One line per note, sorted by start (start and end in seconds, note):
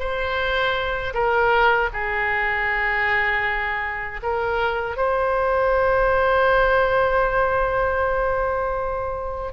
0.00 1.14 C5
1.14 1.90 A#4
1.93 4.21 G#4
4.23 4.97 A#4
4.97 9.53 C5